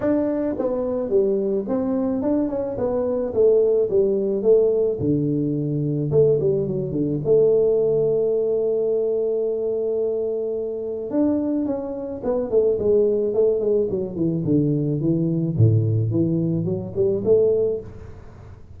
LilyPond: \new Staff \with { instrumentName = "tuba" } { \time 4/4 \tempo 4 = 108 d'4 b4 g4 c'4 | d'8 cis'8 b4 a4 g4 | a4 d2 a8 g8 | fis8 d8 a2.~ |
a1 | d'4 cis'4 b8 a8 gis4 | a8 gis8 fis8 e8 d4 e4 | a,4 e4 fis8 g8 a4 | }